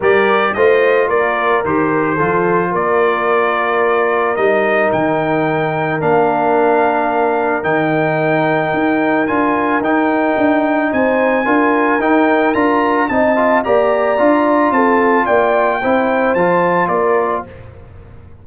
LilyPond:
<<
  \new Staff \with { instrumentName = "trumpet" } { \time 4/4 \tempo 4 = 110 d''4 dis''4 d''4 c''4~ | c''4 d''2. | dis''4 g''2 f''4~ | f''2 g''2~ |
g''4 gis''4 g''2 | gis''2 g''4 ais''4 | a''4 ais''2 a''4 | g''2 a''4 d''4 | }
  \new Staff \with { instrumentName = "horn" } { \time 4/4 ais'4 c''4 ais'2 | a'4 ais'2.~ | ais'1~ | ais'1~ |
ais'1 | c''4 ais'2. | dis''4 d''2 a'4 | d''4 c''2 ais'4 | }
  \new Staff \with { instrumentName = "trombone" } { \time 4/4 g'4 f'2 g'4 | f'1 | dis'2. d'4~ | d'2 dis'2~ |
dis'4 f'4 dis'2~ | dis'4 f'4 dis'4 f'4 | dis'8 f'8 g'4 f'2~ | f'4 e'4 f'2 | }
  \new Staff \with { instrumentName = "tuba" } { \time 4/4 g4 a4 ais4 dis4 | f4 ais2. | g4 dis2 ais4~ | ais2 dis2 |
dis'4 d'4 dis'4 d'4 | c'4 d'4 dis'4 d'4 | c'4 ais4 d'4 c'4 | ais4 c'4 f4 ais4 | }
>>